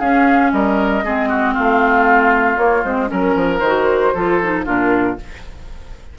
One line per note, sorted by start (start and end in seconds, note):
0.00 0.52 C#4
0.00 1.05 C#4
0.00 0.52 G#4
0.00 0.52 F5
0.52 1.04 G3
0.52 1.05 A#4
0.52 1.55 D#5
1.04 1.56 G#3
1.04 2.58 C4
1.04 1.30 G#4
1.30 1.54 F#4
1.54 2.57 A3
1.54 3.09 F4
1.54 2.58 F5
2.57 2.83 A#3
2.57 2.84 A#3
2.57 2.84 C#5
2.85 3.11 G#3
2.85 3.07 C4
2.85 3.11 C5
3.07 3.36 F#3
3.07 3.59 C#4
3.07 4.15 A#4
3.07 3.60 A#4
3.36 3.61 F3
3.60 4.13 D#3
3.60 4.63 C5
3.67 4.16 F#4
4.15 4.67 F3
4.15 4.42 F4
4.15 4.66 A4
4.43 4.65 D#4
4.65 5.19 A#2
4.65 5.17 D4
4.65 5.17 F4
4.65 5.19 A#4